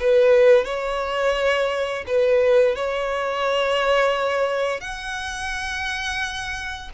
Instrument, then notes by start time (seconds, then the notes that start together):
violin
0.00 B4
0.65 C#5
2.07 B4
2.76 C#5
4.80 F#5